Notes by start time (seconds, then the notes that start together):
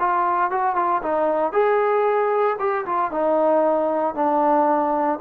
0.00 F4
0.51 F#4
0.76 F4
1.03 D#4
1.53 G#4
2.60 G4
2.86 F4
3.12 D#4
4.15 D4